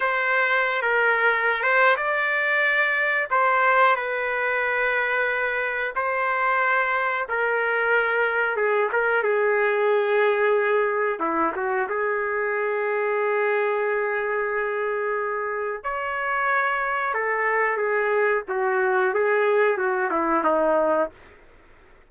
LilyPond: \new Staff \with { instrumentName = "trumpet" } { \time 4/4 \tempo 4 = 91 c''4~ c''16 ais'4~ ais'16 c''8 d''4~ | d''4 c''4 b'2~ | b'4 c''2 ais'4~ | ais'4 gis'8 ais'8 gis'2~ |
gis'4 e'8 fis'8 gis'2~ | gis'1 | cis''2 a'4 gis'4 | fis'4 gis'4 fis'8 e'8 dis'4 | }